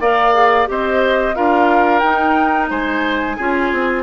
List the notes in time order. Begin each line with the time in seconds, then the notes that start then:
0.00 A#3 A#4 D5 F5
0.34 G#4
0.66 C4 G4 C5 D#5
1.35 D4 F4 A#4 F5
1.99 D#4 G5
2.70 G#3 C5 G#5
3.37 C#4 F4 G#4
3.72 C4